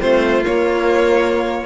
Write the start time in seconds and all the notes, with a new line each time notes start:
0.00 A3 C4 F4 C5
0.41 A#3 C#5